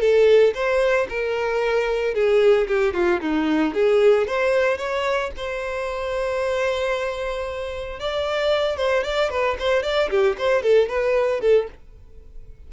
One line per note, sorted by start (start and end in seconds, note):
0.00 0.53 A4
0.54 1.07 C5
1.09 2.14 A#4
2.14 2.67 G#4
2.67 2.93 G4
2.93 3.20 F4
3.21 3.74 D#4
3.74 4.27 G#4
4.27 4.77 C5
4.77 5.30 C#5
5.37 7.99 C5
7.99 8.77 D5
8.77 9.03 C5
9.03 9.30 D5
9.30 9.56 B4
9.59 9.83 C5
9.83 10.09 D5
10.10 10.36 G4
10.38 10.62 C5
10.62 10.88 A4
10.88 11.40 B4
11.40 11.67 A4